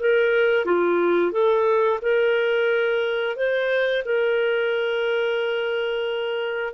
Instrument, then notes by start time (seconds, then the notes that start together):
clarinet
0.00 A#4
0.65 F4
1.32 A4
2.02 A#4
3.36 C5
4.05 A#4